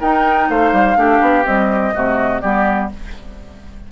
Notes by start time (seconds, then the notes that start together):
0.00 D#4 A#4 G5
0.50 A3 C5 F5
0.73 G3
0.96 A3 D4 G4
1.21 B3
1.45 G3 C4 D#5
1.94 C3 A3 F#4
2.42 G3 B3 G4 D5